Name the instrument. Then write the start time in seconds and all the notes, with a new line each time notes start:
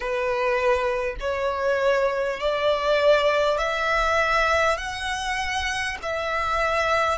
violin
0.00 B4
1.20 C#5
2.39 D5
3.58 E5
4.77 F#5
6.02 E5